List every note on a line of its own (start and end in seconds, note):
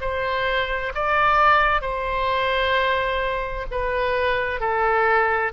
0.00 0.92 C5
0.94 1.81 D5
1.81 3.66 C5
3.70 4.60 B4
4.60 5.52 A4